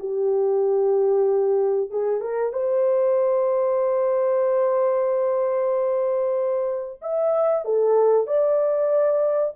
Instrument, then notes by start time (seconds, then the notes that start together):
horn
0.00 G4
1.91 G#4
2.21 A#4
2.53 C5
7.02 E5
7.65 A4
8.27 D5